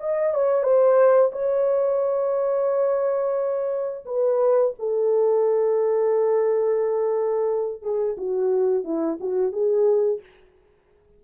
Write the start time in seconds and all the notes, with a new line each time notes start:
0.00 D#5
0.34 C#5
0.63 C5
1.32 C#5
4.06 B4
4.79 A4
7.82 G#4
8.18 F#4
8.84 E4
9.20 F#4
9.52 G#4